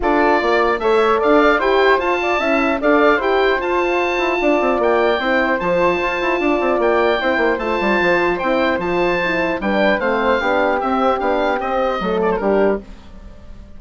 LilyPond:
<<
  \new Staff \with { instrumentName = "oboe" } { \time 4/4 \tempo 4 = 150 d''2 e''4 f''4 | g''4 a''2 f''4 | g''4 a''2. | g''2 a''2~ |
a''4 g''2 a''4~ | a''4 g''4 a''2 | g''4 f''2 e''4 | f''4 dis''4. d''16 c''16 ais'4 | }
  \new Staff \with { instrumentName = "flute" } { \time 4/4 a'4 d''4 cis''4 d''4 | c''4. d''8 e''4 d''4 | c''2. d''4~ | d''4 c''2. |
d''2 c''2~ | c''1 | b'4 c''4 g'2~ | g'2 a'4 g'4 | }
  \new Staff \with { instrumentName = "horn" } { \time 4/4 f'2 a'2 | g'4 f'4 e'4 a'4 | g'4 f'2.~ | f'4 e'4 f'2~ |
f'2 e'4 f'4~ | f'4 e'4 f'4 e'4 | d'4 c'4 d'4 c'4 | d'4 c'4 a4 d'4 | }
  \new Staff \with { instrumentName = "bassoon" } { \time 4/4 d'4 ais4 a4 d'4 | e'4 f'4 cis'4 d'4 | e'4 f'4. e'8 d'8 c'8 | ais4 c'4 f4 f'8 e'8 |
d'8 c'8 ais4 c'8 ais8 a8 g8 | f4 c'4 f2 | g4 a4 b4 c'4 | b4 c'4 fis4 g4 | }
>>